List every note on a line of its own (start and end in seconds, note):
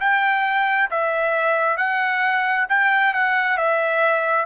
0.00 0.90 G5
0.90 1.77 E5
1.77 2.66 F#5
2.69 3.13 G5
3.13 3.57 F#5
3.57 4.45 E5